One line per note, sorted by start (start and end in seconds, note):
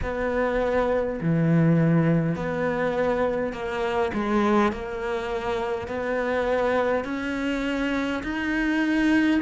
0.02 1.20 B3
1.20 2.35 E3
2.35 3.52 B3
3.52 4.11 A#3
4.13 4.72 G#3
4.72 5.87 A#3
5.87 7.04 B3
7.04 8.22 C#4
8.23 9.41 D#4